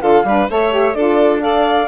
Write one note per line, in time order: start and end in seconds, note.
0.00 0.24 D3
0.00 0.23 F4
0.00 0.25 A4
0.00 0.48 F5
0.24 0.47 G3
0.24 0.50 D4
0.24 0.50 B4
0.50 0.94 A3
0.50 0.70 A4
0.50 0.96 C#5
0.50 0.94 E5
0.70 0.93 G4
0.94 1.87 D4
0.94 1.40 F4
0.94 1.42 A4
0.94 1.41 D5
1.40 1.87 A4
1.40 1.87 D5
1.40 1.87 F5